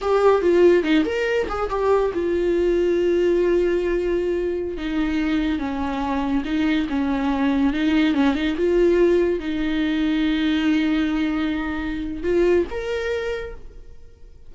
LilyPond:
\new Staff \with { instrumentName = "viola" } { \time 4/4 \tempo 4 = 142 g'4 f'4 dis'8 ais'4 gis'8 | g'4 f'2.~ | f'2.~ f'16 dis'8.~ | dis'4~ dis'16 cis'2 dis'8.~ |
dis'16 cis'2 dis'4 cis'8 dis'16~ | dis'16 f'2 dis'4.~ dis'16~ | dis'1~ | dis'4 f'4 ais'2 | }